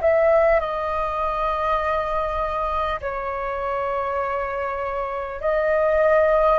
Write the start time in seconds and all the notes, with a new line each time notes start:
0.00 E5
0.60 D#5
3.01 C#5
5.40 D#5